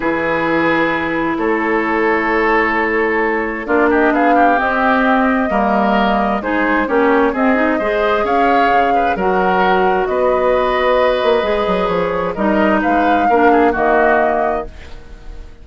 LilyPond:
<<
  \new Staff \with { instrumentName = "flute" } { \time 4/4 \tempo 4 = 131 b'2. cis''4~ | cis''1 | d''8 dis''8 f''4 dis''2~ | dis''2 c''4 cis''4 |
dis''2 f''2 | fis''2 dis''2~ | dis''2 cis''4 dis''4 | f''2 dis''2 | }
  \new Staff \with { instrumentName = "oboe" } { \time 4/4 gis'2. a'4~ | a'1 | f'8 g'8 gis'8 g'2~ g'8 | ais'2 gis'4 g'4 |
gis'4 c''4 cis''4. b'8 | ais'2 b'2~ | b'2. ais'4 | b'4 ais'8 gis'8 fis'2 | }
  \new Staff \with { instrumentName = "clarinet" } { \time 4/4 e'1~ | e'1 | d'2 c'2 | ais2 dis'4 cis'4 |
c'8 dis'8 gis'2. | fis'1~ | fis'4 gis'2 dis'4~ | dis'4 d'4 ais2 | }
  \new Staff \with { instrumentName = "bassoon" } { \time 4/4 e2. a4~ | a1 | ais4 b4 c'2 | g2 gis4 ais4 |
c'4 gis4 cis'4 cis4 | fis2 b2~ | b8 ais8 gis8 fis8 f4 g4 | gis4 ais4 dis2 | }
>>